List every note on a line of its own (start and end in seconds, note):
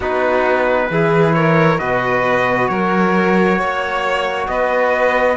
0.00 0.88 B3
0.00 0.90 D#4
0.00 0.87 F#4
0.00 1.33 B4
0.90 1.79 E3
0.90 1.78 E4
0.90 1.35 G#4
1.33 1.80 A#4
1.33 1.78 C#5
1.78 2.69 B2
1.78 5.36 F#4
1.78 2.70 B4
1.78 2.67 D#5
2.67 3.58 F#3
2.67 3.58 A#4
2.67 4.46 C#5
3.58 4.47 A#3
3.58 4.47 C#5
4.47 5.36 B3
4.47 5.36 B4
4.47 5.36 D#5